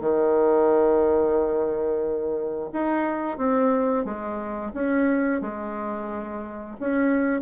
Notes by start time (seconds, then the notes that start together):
0.00 D#3
2.72 D#4
3.37 C4
4.04 G#3
4.73 C#4
5.41 G#3
6.80 C#4